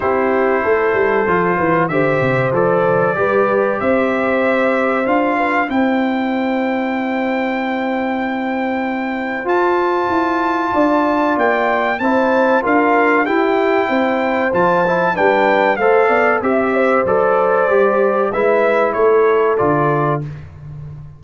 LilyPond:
<<
  \new Staff \with { instrumentName = "trumpet" } { \time 4/4 \tempo 4 = 95 c''2. e''4 | d''2 e''2 | f''4 g''2.~ | g''2. a''4~ |
a''2 g''4 a''4 | f''4 g''2 a''4 | g''4 f''4 e''4 d''4~ | d''4 e''4 cis''4 d''4 | }
  \new Staff \with { instrumentName = "horn" } { \time 4/4 g'4 a'4. b'8 c''4~ | c''4 b'4 c''2~ | c''8 b'8 c''2.~ | c''1~ |
c''4 d''2 c''4 | ais'4 g'4 c''2 | b'4 c''8 d''8 e''8 c''4.~ | c''4 b'4 a'2 | }
  \new Staff \with { instrumentName = "trombone" } { \time 4/4 e'2 f'4 g'4 | a'4 g'2. | f'4 e'2.~ | e'2. f'4~ |
f'2. e'4 | f'4 e'2 f'8 e'8 | d'4 a'4 g'4 a'4 | g'4 e'2 f'4 | }
  \new Staff \with { instrumentName = "tuba" } { \time 4/4 c'4 a8 g8 f8 e8 d8 c8 | f4 g4 c'2 | d'4 c'2.~ | c'2. f'4 |
e'4 d'4 ais4 c'4 | d'4 e'4 c'4 f4 | g4 a8 b8 c'4 fis4 | g4 gis4 a4 d4 | }
>>